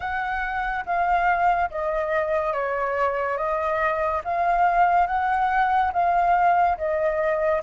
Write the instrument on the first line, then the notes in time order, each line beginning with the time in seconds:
flute
0.00 F#5
0.85 F5
1.70 D#5
2.53 C#5
3.37 D#5
4.24 F5
5.07 F#5
5.92 F5
6.77 D#5